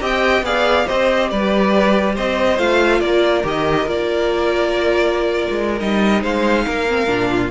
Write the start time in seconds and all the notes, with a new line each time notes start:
0.00 C4 G4 D#5 G5
0.42 B3 G#4 D5 F5
0.86 C4 G4 C5 D#5
1.30 G3 B4 D5
2.15 C4 C5 D#5
2.58 A3 F4 F5
3.00 A#3 A#4 D5
3.43 D#3 G4 D#5
3.86 A#3 F4 D5
5.50 G#3
5.79 G3 D#4 D#5
6.21 G#3 C5 F5
6.66 A#3 A#4
6.88 C4
7.06 A#2 D4
7.30 F4